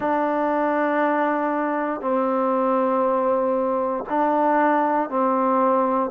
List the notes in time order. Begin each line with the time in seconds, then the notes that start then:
0.00 D4
2.00 C4
4.09 D4
5.09 C4